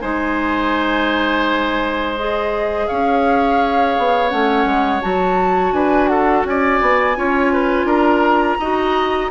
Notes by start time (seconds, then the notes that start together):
0.00 G#3 D#4 C5 G#5
2.17 G#4 D#5
2.87 C#4 C#5 F5
3.98 B3
4.29 A3 C#4 F#5
4.65 G#3
5.01 F#3 F#4 A5
5.72 D4 B4 G#5
6.07 A4 F#5
6.44 C#4 D5 G#5
6.81 B3
7.16 C#4 F4 C#5
7.53 B4
7.84 D4 A#4 A#5
8.59 D#4 F#4 D#5